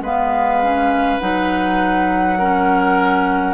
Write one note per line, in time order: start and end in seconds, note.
0.00 1.18 G#3
0.00 0.62 B3
0.00 2.38 B4
0.00 1.19 F5
0.62 1.20 C#4
1.19 3.54 F#3
1.19 2.38 D#4
1.19 3.54 F#5
2.38 3.54 C#4
2.38 3.54 A#4